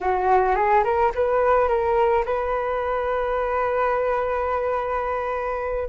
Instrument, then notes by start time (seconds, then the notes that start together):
flute
0.01 F#4
0.55 G#4
0.84 A#4
1.14 B4
1.68 A#4
2.25 B4